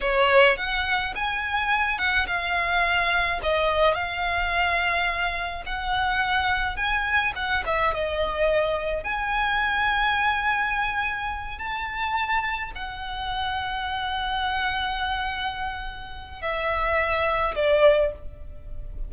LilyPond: \new Staff \with { instrumentName = "violin" } { \time 4/4 \tempo 4 = 106 cis''4 fis''4 gis''4. fis''8 | f''2 dis''4 f''4~ | f''2 fis''2 | gis''4 fis''8 e''8 dis''2 |
gis''1~ | gis''8 a''2 fis''4.~ | fis''1~ | fis''4 e''2 d''4 | }